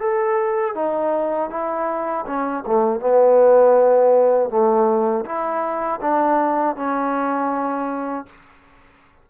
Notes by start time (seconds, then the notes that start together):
0.00 A4
0.75 D#4
1.50 E4
2.26 C#4
2.67 A3
3.00 B3
4.50 A3
5.25 E4
6.01 D4
6.76 C#4